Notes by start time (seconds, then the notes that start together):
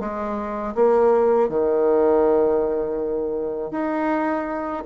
0.00 G#3
0.75 A#3
1.49 D#3
3.71 D#4